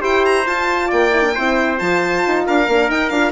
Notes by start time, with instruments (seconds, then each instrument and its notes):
0.00 bassoon E4, horn G4, trumpet C5, violin G5
0.25 violin A#5
0.46 bassoon F4, horn F4, violin A5
0.87 bassoon A#3, trumpet D5, violin G5
1.11 horn E4
1.21 horn D4
1.34 bassoon C4, horn E4, trumpet C5
1.77 bassoon F3, horn F4, violin A5
2.26 bassoon D#4
2.46 bassoon D4, trumpet A#4, violin F5
2.68 bassoon A#3, horn D4
2.89 horn D#4, bassoon D#4, violin G5
3.09 bassoon D4, horn F4, violin F5